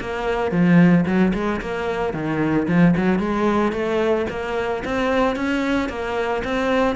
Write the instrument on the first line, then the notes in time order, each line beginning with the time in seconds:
cello
0.00 A#3
0.51 F3
1.05 F#3
1.33 G#3
1.60 A#3
2.13 D#3
2.68 F3
2.96 F#3
3.19 G#3
3.72 A3
4.30 A#3
4.84 C4
5.35 C#4
5.89 A#3
6.44 C4